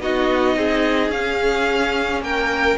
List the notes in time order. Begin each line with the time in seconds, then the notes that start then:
0.00 B3 D#4 F#4 D#5
0.56 C4 G#4
1.09 C#4 F5
2.20 A#3 A#4 G5